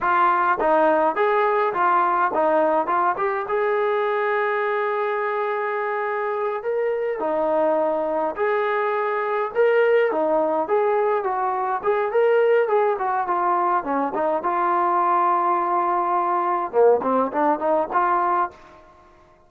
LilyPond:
\new Staff \with { instrumentName = "trombone" } { \time 4/4 \tempo 4 = 104 f'4 dis'4 gis'4 f'4 | dis'4 f'8 g'8 gis'2~ | gis'2.~ gis'8 ais'8~ | ais'8 dis'2 gis'4.~ |
gis'8 ais'4 dis'4 gis'4 fis'8~ | fis'8 gis'8 ais'4 gis'8 fis'8 f'4 | cis'8 dis'8 f'2.~ | f'4 ais8 c'8 d'8 dis'8 f'4 | }